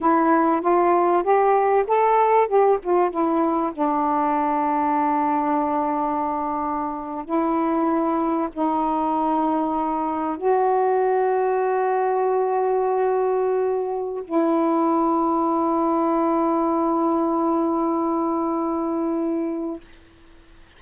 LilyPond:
\new Staff \with { instrumentName = "saxophone" } { \time 4/4 \tempo 4 = 97 e'4 f'4 g'4 a'4 | g'8 f'8 e'4 d'2~ | d'2.~ d'8. e'16~ | e'4.~ e'16 dis'2~ dis'16~ |
dis'8. fis'2.~ fis'16~ | fis'2. e'4~ | e'1~ | e'1 | }